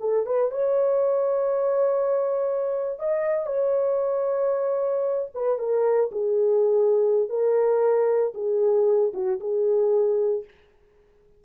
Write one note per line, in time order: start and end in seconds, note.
0.00 0.26 A4
0.26 0.51 B4
0.51 2.99 C#5
3.00 3.47 D#5
3.47 5.29 C#5
5.35 5.58 B4
5.58 6.10 A#4
6.12 7.29 G#4
7.29 8.33 A#4
8.34 9.13 G#4
9.14 9.40 F#4
9.40 10.45 G#4